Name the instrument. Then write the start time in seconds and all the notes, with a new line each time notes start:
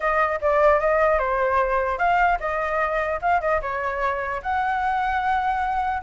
flute
0.00 D#5
0.41 D5
0.79 D#5
1.18 C5
1.98 F5
2.40 D#5
3.21 F5
3.40 D#5
3.61 C#5
4.42 F#5